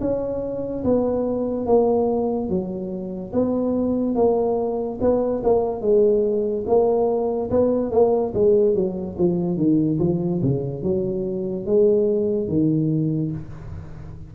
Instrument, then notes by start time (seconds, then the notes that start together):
tuba
0.00 C#4
0.84 B3
1.66 A#3
2.49 F#3
3.33 B3
4.15 A#3
5.00 B3
5.44 A#3
5.81 G#3
6.67 A#3
7.50 B3
7.91 A#3
8.34 G#3
8.75 F#3
9.18 F3
9.57 D#3
9.99 F3
10.42 C#3
10.83 F#3
11.66 G#3
12.48 D#3